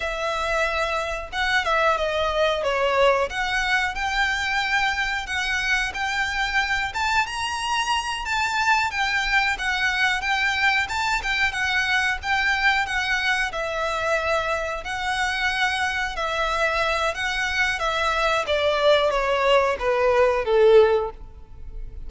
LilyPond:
\new Staff \with { instrumentName = "violin" } { \time 4/4 \tempo 4 = 91 e''2 fis''8 e''8 dis''4 | cis''4 fis''4 g''2 | fis''4 g''4. a''8 ais''4~ | ais''8 a''4 g''4 fis''4 g''8~ |
g''8 a''8 g''8 fis''4 g''4 fis''8~ | fis''8 e''2 fis''4.~ | fis''8 e''4. fis''4 e''4 | d''4 cis''4 b'4 a'4 | }